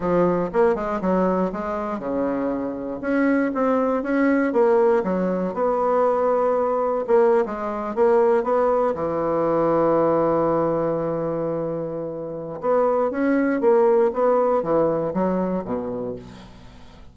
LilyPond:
\new Staff \with { instrumentName = "bassoon" } { \time 4/4 \tempo 4 = 119 f4 ais8 gis8 fis4 gis4 | cis2 cis'4 c'4 | cis'4 ais4 fis4 b4~ | b2 ais8. gis4 ais16~ |
ais8. b4 e2~ e16~ | e1~ | e4 b4 cis'4 ais4 | b4 e4 fis4 b,4 | }